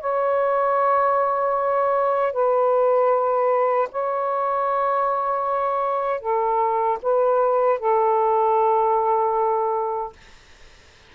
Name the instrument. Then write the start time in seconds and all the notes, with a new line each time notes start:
saxophone
0.00 C#5
2.32 B4
3.91 C#5
6.20 A4
7.02 B4
7.79 A4